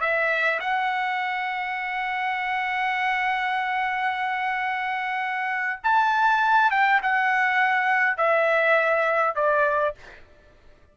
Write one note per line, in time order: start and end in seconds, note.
0.00 0.59 E5
0.60 5.80 F#5
5.83 6.71 A5
6.71 7.00 G5
7.02 8.17 F#5
8.17 9.35 E5
9.35 9.95 D5